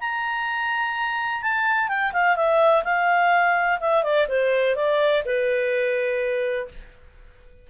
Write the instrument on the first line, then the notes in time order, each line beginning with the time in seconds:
clarinet
0.00 A#5
1.42 A5
1.88 G5
2.13 F5
2.36 E5
2.84 F5
3.80 E5
4.03 D5
4.28 C5
4.76 D5
5.25 B4